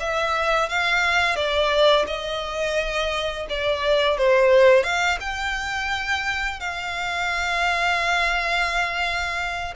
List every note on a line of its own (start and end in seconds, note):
0.00 0.69 E5
0.69 1.36 F5
1.36 2.06 D5
2.07 3.47 D#5
3.49 4.18 D5
4.18 4.84 C5
4.84 5.18 F5
5.20 6.60 G5
6.60 9.74 F5